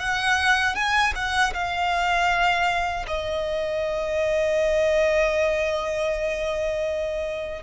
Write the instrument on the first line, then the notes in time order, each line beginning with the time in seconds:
violin
0.00 F#5
0.76 G#5
1.16 F#5
1.54 F5
3.08 D#5